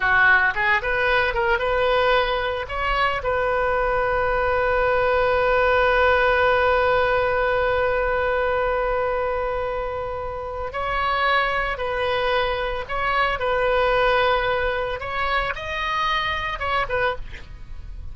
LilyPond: \new Staff \with { instrumentName = "oboe" } { \time 4/4 \tempo 4 = 112 fis'4 gis'8 b'4 ais'8 b'4~ | b'4 cis''4 b'2~ | b'1~ | b'1~ |
b'1 | cis''2 b'2 | cis''4 b'2. | cis''4 dis''2 cis''8 b'8 | }